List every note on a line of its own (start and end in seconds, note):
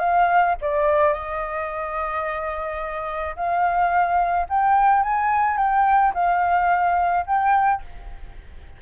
0.00 0.56 F5
0.62 1.14 D5
1.14 3.36 D#5
3.36 4.47 F5
4.50 5.03 G5
5.03 5.58 G#5
5.58 6.13 G5
6.14 7.26 F5
7.27 7.82 G5